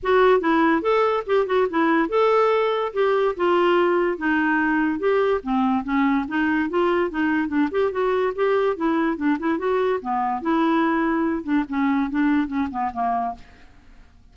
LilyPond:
\new Staff \with { instrumentName = "clarinet" } { \time 4/4 \tempo 4 = 144 fis'4 e'4 a'4 g'8 fis'8 | e'4 a'2 g'4 | f'2 dis'2 | g'4 c'4 cis'4 dis'4 |
f'4 dis'4 d'8 g'8 fis'4 | g'4 e'4 d'8 e'8 fis'4 | b4 e'2~ e'8 d'8 | cis'4 d'4 cis'8 b8 ais4 | }